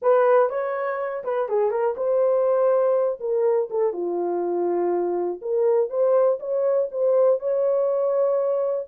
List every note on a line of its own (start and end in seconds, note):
0.02 0.49 B4
0.49 1.23 C#5
1.24 1.48 B4
1.48 1.70 G#4
1.70 1.95 A#4
1.96 3.19 C5
3.19 3.69 A#4
3.70 3.93 A4
3.93 5.40 F4
5.41 5.89 A#4
5.89 6.38 C5
6.39 6.89 C#5
6.91 7.39 C5
7.39 8.87 C#5